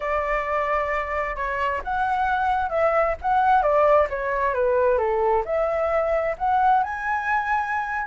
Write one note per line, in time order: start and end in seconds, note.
0.00 1.36 D5
1.36 1.81 C#5
1.84 2.69 F#5
2.69 3.15 E5
3.21 3.62 F#5
3.62 4.07 D5
4.09 4.54 C#5
4.54 4.98 B4
4.98 5.43 A4
5.45 6.36 E5
6.38 6.83 F#5
6.83 8.07 G#5